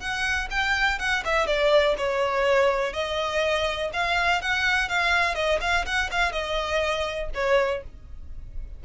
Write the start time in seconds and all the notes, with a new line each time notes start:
0.00 F#5
0.51 G5
0.99 F#5
1.25 E5
1.47 D5
1.98 C#5
2.94 D#5
3.94 F5
4.42 F#5
4.89 F5
5.35 D#5
5.61 F5
5.86 F#5
6.11 F5
6.32 D#5
7.35 C#5